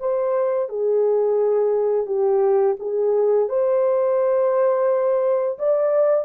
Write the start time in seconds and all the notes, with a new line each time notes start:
0.00 C5
0.69 G#4
2.06 G4
2.79 G#4
3.49 C5
5.59 D5